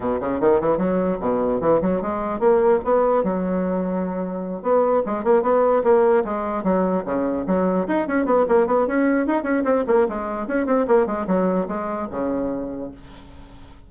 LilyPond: \new Staff \with { instrumentName = "bassoon" } { \time 4/4 \tempo 4 = 149 b,8 cis8 dis8 e8 fis4 b,4 | e8 fis8 gis4 ais4 b4 | fis2.~ fis8 b8~ | b8 gis8 ais8 b4 ais4 gis8~ |
gis8 fis4 cis4 fis4 dis'8 | cis'8 b8 ais8 b8 cis'4 dis'8 cis'8 | c'8 ais8 gis4 cis'8 c'8 ais8 gis8 | fis4 gis4 cis2 | }